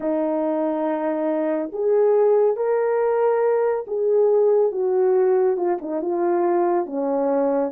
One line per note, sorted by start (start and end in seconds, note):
0.00 1.70 D#4
1.72 2.56 G#4
2.56 3.85 A#4
3.86 4.71 G#4
4.71 5.56 F#4
5.56 5.78 F4
5.81 6.01 D#4
6.01 6.86 F4
6.86 7.71 C#4